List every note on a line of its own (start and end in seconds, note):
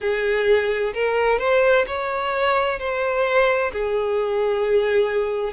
0.00 0.93 G#4
0.94 1.38 A#4
1.38 1.85 C5
1.87 2.79 C#5
2.79 3.71 C5
3.72 5.53 G#4